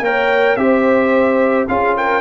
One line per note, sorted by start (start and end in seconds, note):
0.00 0.55 A#3
0.00 0.58 A#4
0.00 0.58 C#5
0.00 0.56 G5
0.56 1.67 C4
0.56 1.68 G4
0.56 1.69 C5
0.56 1.66 E5
1.68 2.21 C#4
1.68 2.21 F4
1.68 1.97 G#4
1.68 1.96 F5
1.97 2.21 A#4
1.97 2.21 G5